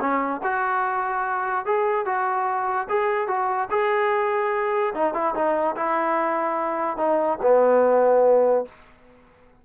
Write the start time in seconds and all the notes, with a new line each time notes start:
0.00 C#4
0.43 F#4
1.66 G#4
2.05 F#4
2.89 G#4
3.27 F#4
3.70 G#4
4.94 D#4
5.14 E4
5.34 D#4
5.76 E4
6.97 D#4
7.42 B3